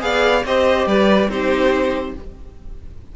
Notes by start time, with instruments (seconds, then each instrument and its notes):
0.00 cello B3, viola G#4, violin D5 F5
0.44 cello C4, viola G4, violin C5 D#5
0.86 cello G3, violin B4 D5
1.29 cello C4, viola D#4, violin G4 C5